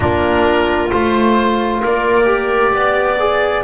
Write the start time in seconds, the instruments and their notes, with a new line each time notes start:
0.00 double bass A#3, trombone D4, clarinet F4, oboe A#4
0.90 double bass A3, trombone F4, oboe C5
1.80 double bass A#3, clarinet A#4, oboe D5
2.24 trombone G4
2.73 double bass B3, clarinet D5
3.19 trombone G#4